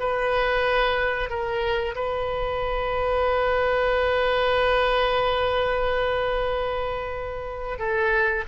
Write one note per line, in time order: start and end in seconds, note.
0.00 1.30 B4
1.30 1.95 A#4
1.96 7.79 B4
7.79 8.45 A4